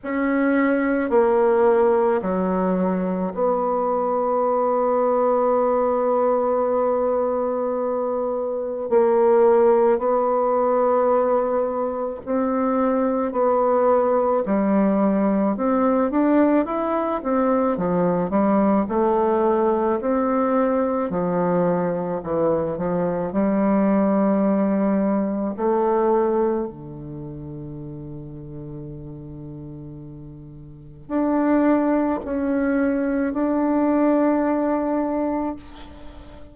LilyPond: \new Staff \with { instrumentName = "bassoon" } { \time 4/4 \tempo 4 = 54 cis'4 ais4 fis4 b4~ | b1 | ais4 b2 c'4 | b4 g4 c'8 d'8 e'8 c'8 |
f8 g8 a4 c'4 f4 | e8 f8 g2 a4 | d1 | d'4 cis'4 d'2 | }